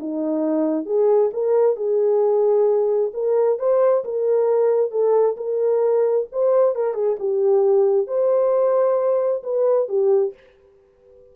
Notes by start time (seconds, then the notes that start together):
0.00 D#4
0.86 G#4
1.34 A#4
1.77 G#4
3.14 A#4
3.59 C5
4.05 A#4
4.92 A4
5.37 A#4
6.32 C5
6.76 A#4
6.95 G#4
7.20 G4
8.08 C5
9.44 B4
9.89 G4